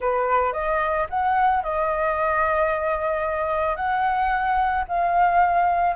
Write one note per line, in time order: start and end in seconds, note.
0.00 0.53 B4
0.53 1.07 D#5
1.09 1.63 F#5
1.63 3.76 D#5
3.76 4.84 F#5
4.88 5.96 F5